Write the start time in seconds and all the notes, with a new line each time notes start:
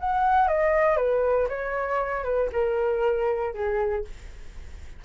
0.00 F#5
0.48 D#5
0.97 B4
1.49 C#5
2.24 B4
2.53 A#4
3.54 G#4